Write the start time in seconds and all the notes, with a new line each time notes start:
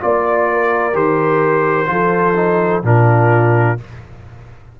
0.00 A#3 F4 D5
0.53 A#4
0.93 D#3 G4 C5
1.86 F3 F4 A4
2.36 D#4
2.83 A#2 D4 F4 A#4